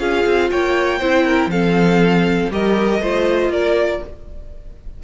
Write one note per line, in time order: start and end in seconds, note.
0.00 0.25 C#4
0.00 1.01 F4
0.00 0.51 G#4
0.00 0.50 F5
0.26 0.52 C4
0.51 1.01 A#3
0.51 1.00 C#5
0.51 1.51 G5
1.00 1.47 C4
1.00 1.51 E4
1.00 1.25 C5
1.25 1.50 A#4
1.47 2.48 F3
1.47 2.51 C4
1.47 2.53 A4
1.47 2.51 F5
2.51 2.99 G3
2.51 3.01 G4
2.51 3.02 A#4
2.51 3.53 D#5
2.99 3.49 A3
2.99 4.04 F4
2.99 3.52 C5
3.49 4.00 A#3
3.49 4.03 A#4
3.49 4.03 D5